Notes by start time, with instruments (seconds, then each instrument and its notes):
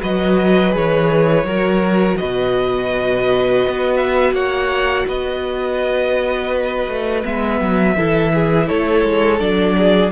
0.00 cello F#3, viola F#4, violin B4 D#5
0.71 cello E3, viola G#4, violin C#5
1.44 cello F#3, viola F#4, violin A#4
2.17 cello B2, violin B4 D#5
3.67 cello B3
3.97 violin E5
4.33 cello A#3, violin C#5 F#5
5.07 cello B3, violin B4 D#5
6.88 cello A3
7.24 cello G#3, viola B3, violin E5
7.61 cello F#3
7.97 cello E3, viola E4, violin A4
8.34 violin G#4
8.68 cello A3, violin A4 C#5
9.04 cello G#3
9.39 cello F#3, viola D4, violin D5
9.77 violin G#4